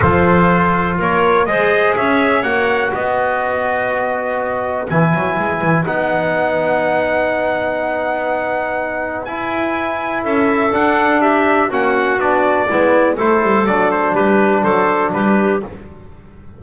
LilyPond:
<<
  \new Staff \with { instrumentName = "trumpet" } { \time 4/4 \tempo 4 = 123 c''2 cis''4 dis''4 | e''4 fis''4 dis''2~ | dis''2 gis''2 | fis''1~ |
fis''2. gis''4~ | gis''4 e''4 fis''4 e''4 | fis''4 d''2 c''4 | d''8 c''8 b'4 c''4 b'4 | }
  \new Staff \with { instrumentName = "clarinet" } { \time 4/4 a'2 ais'4 c''4 | cis''2 b'2~ | b'1~ | b'1~ |
b'1~ | b'4 a'2 g'4 | fis'2 e'4 a'4~ | a'4 g'4 a'4 g'4 | }
  \new Staff \with { instrumentName = "trombone" } { \time 4/4 f'2. gis'4~ | gis'4 fis'2.~ | fis'2 e'2 | dis'1~ |
dis'2. e'4~ | e'2 d'2 | cis'4 d'4 b4 e'4 | d'1 | }
  \new Staff \with { instrumentName = "double bass" } { \time 4/4 f2 ais4 gis4 | cis'4 ais4 b2~ | b2 e8 fis8 gis8 e8 | b1~ |
b2. e'4~ | e'4 cis'4 d'2 | ais4 b4 gis4 a8 g8 | fis4 g4 fis4 g4 | }
>>